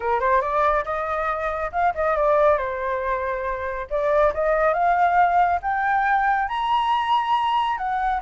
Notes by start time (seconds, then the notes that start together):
0.00 A#4
0.19 C5
0.41 D5
0.84 D#5
1.71 F5
1.94 D#5
2.16 D5
2.57 C5
3.89 D5
4.34 D#5
4.73 F5
5.62 G5
6.48 A#5
7.77 F#5